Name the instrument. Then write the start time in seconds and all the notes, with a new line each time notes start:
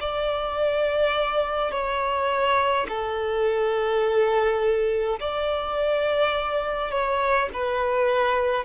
violin
0.00 D5
1.72 C#5
2.88 A4
5.20 D5
6.91 C#5
7.53 B4